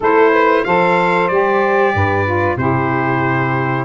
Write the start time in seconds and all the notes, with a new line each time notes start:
0.00 A3 E4 A4 C5
0.31 B4
0.64 F3 A4 C5 F5
1.28 G3 G4 D5
1.94 G2 B4
2.25 F4
2.56 C3 E4 G4 C5